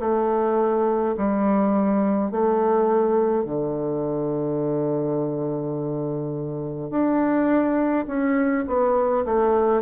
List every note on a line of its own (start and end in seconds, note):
0.00 1.15 A3
1.17 2.31 G3
2.31 3.45 A3
3.45 6.90 D3
6.90 8.06 D4
8.07 8.65 C#4
8.67 9.25 B3
9.26 9.82 A3